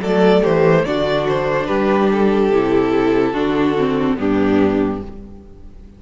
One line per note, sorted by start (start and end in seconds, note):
0.00 0.42 F#3
0.00 0.86 A3
0.00 0.42 A4
0.00 0.44 D5
0.42 0.85 E3
0.42 0.84 G4
0.42 0.85 C5
0.85 1.68 D3
0.85 2.52 D4
0.85 1.67 F#4
0.85 1.26 D5
1.28 1.66 C5
1.66 2.50 G3
1.66 3.32 G4
1.66 2.07 B4
2.11 4.18 A4
2.50 3.33 C3
2.50 3.34 E4
3.32 4.16 D3
3.32 3.75 D4
3.32 4.15 F#4
3.78 4.17 C4
4.17 5.02 G2
4.17 5.01 B3
4.17 5.02 D4
4.17 5.02 G4